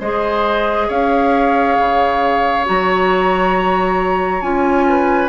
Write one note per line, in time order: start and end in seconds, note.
0.00 0.89 G#3
0.00 2.66 G#4
0.00 0.88 C5
0.00 0.90 D#5
0.88 1.78 C#4
0.88 4.85 C#5
0.88 2.66 F5
1.78 2.67 C#3
2.66 4.42 F#3
2.66 4.42 F#4
2.66 4.42 A#5
4.42 5.29 C#4
4.42 5.29 F4
4.42 5.29 G#5
4.89 5.29 B4